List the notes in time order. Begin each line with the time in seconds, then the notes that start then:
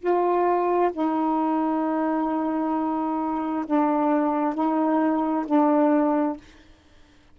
0.00 F4
0.93 D#4
3.66 D4
4.55 D#4
5.46 D4